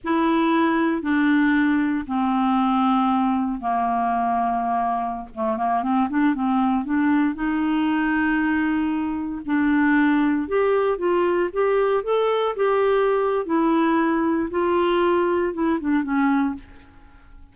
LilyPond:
\new Staff \with { instrumentName = "clarinet" } { \time 4/4 \tempo 4 = 116 e'2 d'2 | c'2. ais4~ | ais2~ ais16 a8 ais8 c'8 d'16~ | d'16 c'4 d'4 dis'4.~ dis'16~ |
dis'2~ dis'16 d'4.~ d'16~ | d'16 g'4 f'4 g'4 a'8.~ | a'16 g'4.~ g'16 e'2 | f'2 e'8 d'8 cis'4 | }